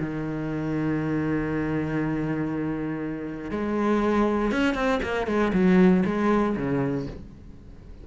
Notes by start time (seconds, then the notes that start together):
0.00 D#3
3.51 G#3
4.52 C#4
4.75 C4
5.03 A#3
5.27 G#3
5.53 F#3
6.06 G#3
6.57 C#3